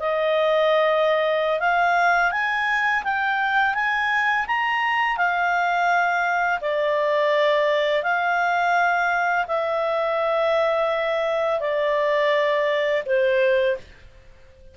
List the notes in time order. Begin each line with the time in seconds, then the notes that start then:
0.00 D#5
1.60 F5
2.32 G#5
3.04 G5
3.75 G#5
4.47 A#5
5.17 F5
6.61 D5
8.03 F5
9.47 E5
11.60 D5
13.06 C5